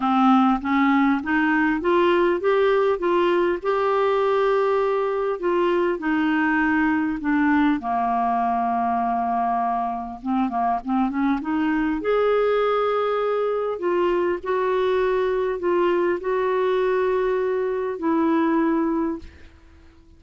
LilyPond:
\new Staff \with { instrumentName = "clarinet" } { \time 4/4 \tempo 4 = 100 c'4 cis'4 dis'4 f'4 | g'4 f'4 g'2~ | g'4 f'4 dis'2 | d'4 ais2.~ |
ais4 c'8 ais8 c'8 cis'8 dis'4 | gis'2. f'4 | fis'2 f'4 fis'4~ | fis'2 e'2 | }